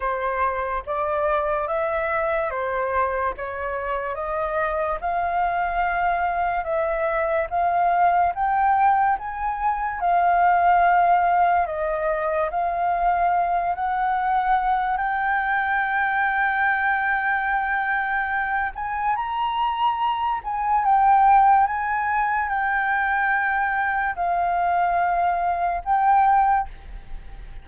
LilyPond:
\new Staff \with { instrumentName = "flute" } { \time 4/4 \tempo 4 = 72 c''4 d''4 e''4 c''4 | cis''4 dis''4 f''2 | e''4 f''4 g''4 gis''4 | f''2 dis''4 f''4~ |
f''8 fis''4. g''2~ | g''2~ g''8 gis''8 ais''4~ | ais''8 gis''8 g''4 gis''4 g''4~ | g''4 f''2 g''4 | }